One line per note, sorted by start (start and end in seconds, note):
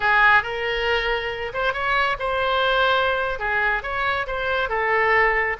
0.00 0.42 G#4
0.42 1.52 A#4
1.53 1.73 C5
1.73 2.17 C#5
2.19 3.39 C5
3.39 3.82 G#4
3.82 4.26 C#5
4.26 4.69 C5
4.69 5.57 A4